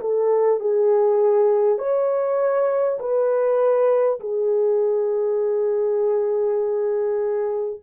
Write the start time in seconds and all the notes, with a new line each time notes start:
0.00 A4
0.59 G#4
1.78 C#5
2.99 B4
4.19 G#4